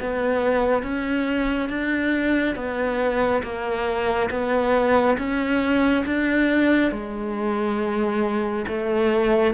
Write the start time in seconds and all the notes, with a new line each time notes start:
0.00 B3
0.83 C#4
1.70 D4
2.56 B3
3.43 A#3
4.30 B3
5.18 C#4
6.06 D4
6.92 G#3
8.68 A3